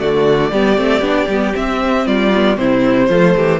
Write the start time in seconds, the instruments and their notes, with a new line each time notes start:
0.00 cello D3, viola A3, violin F#4 D5
0.52 cello G3, viola B3, violin G4
0.77 cello A3, viola C4
1.01 cello B3, viola D4
1.28 cello G3, viola B3
1.53 viola C4, cello C4, violin E5
2.07 cello G3, violin F4 D5
2.35 viola B3
2.58 cello C3, viola C4, violin E4 C5
3.09 cello F3, viola A3, violin F4
3.36 cello E3, violin G4